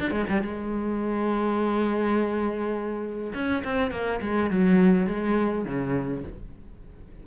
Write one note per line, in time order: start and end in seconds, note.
0.00 0.11 D4
0.11 0.26 G#3
0.29 0.42 G3
0.42 3.34 G#3
3.34 3.64 C#4
3.65 3.92 C4
3.92 4.21 A#3
4.22 4.51 G#3
4.51 5.07 F#3
5.07 5.65 G#3
5.65 6.23 C#3